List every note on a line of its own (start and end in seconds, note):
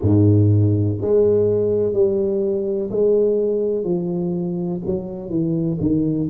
0.01 0.98 G#2
1.01 1.93 G#3
1.93 2.90 G3
2.90 3.84 G#3
3.84 4.80 F3
4.85 5.29 F#3
5.29 5.78 E3
5.80 6.28 D#3